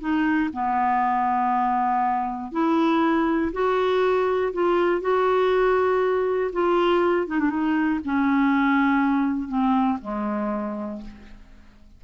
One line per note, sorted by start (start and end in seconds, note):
0.00 0.50 D#4
0.53 2.52 B3
2.52 3.52 E4
3.53 4.53 F#4
4.53 5.01 F4
5.01 6.51 F#4
6.53 7.27 F4
7.27 7.39 D#4
7.39 7.50 D4
7.50 8.00 D#4
8.05 9.48 C#4
9.48 9.98 C4
10.01 11.01 G#3